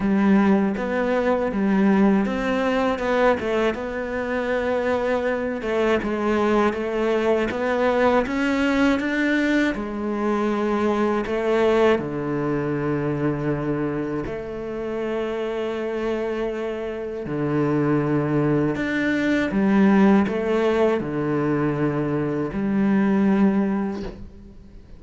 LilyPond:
\new Staff \with { instrumentName = "cello" } { \time 4/4 \tempo 4 = 80 g4 b4 g4 c'4 | b8 a8 b2~ b8 a8 | gis4 a4 b4 cis'4 | d'4 gis2 a4 |
d2. a4~ | a2. d4~ | d4 d'4 g4 a4 | d2 g2 | }